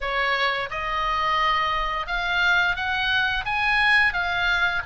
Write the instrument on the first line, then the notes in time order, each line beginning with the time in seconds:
oboe
0.00 C#5
0.70 D#5
2.07 F5
2.76 F#5
3.45 G#5
4.13 F5